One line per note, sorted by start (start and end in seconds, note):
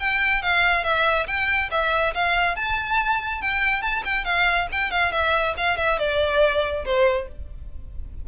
0.00 0.42 G5
0.42 0.84 F5
0.84 1.27 E5
1.27 1.70 G5
1.71 2.14 E5
2.14 2.56 F5
2.56 3.42 A5
3.42 3.82 G5
3.82 4.04 A5
4.05 4.25 G5
4.25 4.68 F5
4.72 4.91 G5
4.91 5.12 F5
5.12 5.55 E5
5.57 5.78 F5
5.78 5.99 E5
5.99 6.85 D5
6.85 7.28 C5